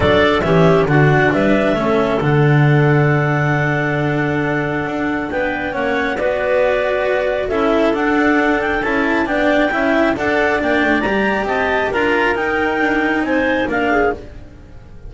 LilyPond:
<<
  \new Staff \with { instrumentName = "clarinet" } { \time 4/4 \tempo 4 = 136 d''4 e''4 fis''4 e''4~ | e''4 fis''2.~ | fis''1 | g''4 fis''4 d''2~ |
d''4 e''4 fis''4. g''8 | a''4 g''2 fis''4 | g''4 ais''4 a''4 ais''4 | g''2 gis''4 f''4 | }
  \new Staff \with { instrumentName = "clarinet" } { \time 4/4 a'4 g'4 fis'4 b'4 | a'1~ | a'1 | b'4 cis''4 b'2~ |
b'4 a'2.~ | a'4 d''4 e''4 d''4~ | d''2 dis''4 ais'4~ | ais'2 c''4 ais'8 gis'8 | }
  \new Staff \with { instrumentName = "cello" } { \time 4/4 d'4 cis'4 d'2 | cis'4 d'2.~ | d'1~ | d'4 cis'4 fis'2~ |
fis'4 e'4 d'2 | e'4 d'4 e'4 a'4 | d'4 g'2 f'4 | dis'2. d'4 | }
  \new Staff \with { instrumentName = "double bass" } { \time 4/4 fis4 e4 d4 g4 | a4 d2.~ | d2. d'4 | b4 ais4 b2~ |
b4 cis'4 d'2 | cis'4 b4 cis'4 d'4 | ais8 a8 g4 c'4 d'4 | dis'4 d'4 c'4 ais4 | }
>>